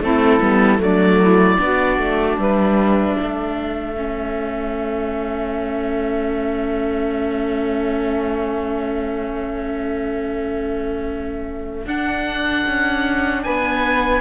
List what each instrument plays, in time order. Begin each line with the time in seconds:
0.00 cello A3, viola C4, saxophone E4, oboe A4
0.40 cello G3, viola B3
0.78 cello F#3, viola A3, saxophone D4, oboe D5
1.22 saxophone E4
1.58 cello B3, viola D4, saxophone F#4
1.98 cello A3
2.37 cello G3, saxophone B4, oboe E5
3.18 cello A3, saxophone A4
3.96 viola C#4
11.86 cello D4, viola D4, oboe F#5
12.66 cello C#4
13.43 cello B3, saxophone B4, oboe G#5